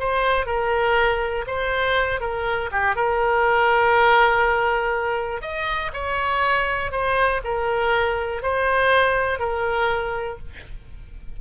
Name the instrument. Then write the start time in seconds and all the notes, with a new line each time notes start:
oboe
0.00 C5
0.46 A#4
1.47 C5
2.21 A#4
2.72 G4
2.96 A#4
5.42 D#5
5.93 C#5
6.92 C5
7.44 A#4
8.43 C5
9.39 A#4